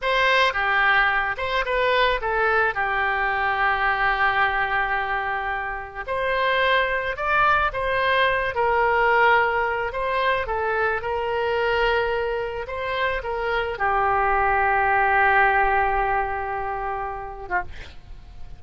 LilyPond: \new Staff \with { instrumentName = "oboe" } { \time 4/4 \tempo 4 = 109 c''4 g'4. c''8 b'4 | a'4 g'2.~ | g'2. c''4~ | c''4 d''4 c''4. ais'8~ |
ais'2 c''4 a'4 | ais'2. c''4 | ais'4 g'2.~ | g'2.~ g'8. f'16 | }